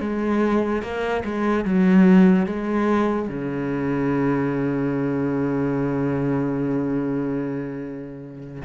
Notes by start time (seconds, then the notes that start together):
0.00 G#3
0.82 A#3
1.24 G#3
1.64 F#3
2.46 G#3
3.28 C#3